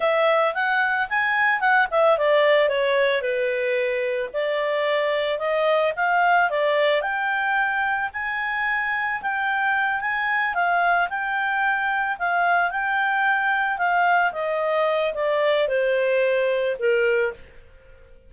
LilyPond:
\new Staff \with { instrumentName = "clarinet" } { \time 4/4 \tempo 4 = 111 e''4 fis''4 gis''4 fis''8 e''8 | d''4 cis''4 b'2 | d''2 dis''4 f''4 | d''4 g''2 gis''4~ |
gis''4 g''4. gis''4 f''8~ | f''8 g''2 f''4 g''8~ | g''4. f''4 dis''4. | d''4 c''2 ais'4 | }